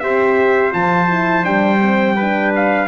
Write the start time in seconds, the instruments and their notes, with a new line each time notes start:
0.00 double bass C4, horn G4, trumpet C5 E5
0.72 double bass F3, horn F4, trumpet A5
1.08 horn E4
1.43 double bass G3, horn D4, trumpet G5
1.81 horn C4
2.16 horn D4, trumpet B4
2.55 trumpet F5